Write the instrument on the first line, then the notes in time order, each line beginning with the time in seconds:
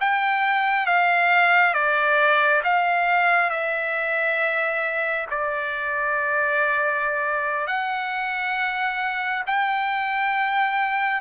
trumpet
0.00 G5
0.86 F5
1.74 D5
2.64 F5
3.50 E5
5.31 D5
7.67 F#5
9.47 G5